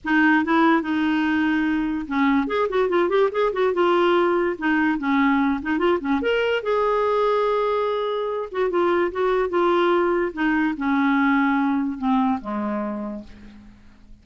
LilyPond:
\new Staff \with { instrumentName = "clarinet" } { \time 4/4 \tempo 4 = 145 dis'4 e'4 dis'2~ | dis'4 cis'4 gis'8 fis'8 f'8 g'8 | gis'8 fis'8 f'2 dis'4 | cis'4. dis'8 f'8 cis'8 ais'4 |
gis'1~ | gis'8 fis'8 f'4 fis'4 f'4~ | f'4 dis'4 cis'2~ | cis'4 c'4 gis2 | }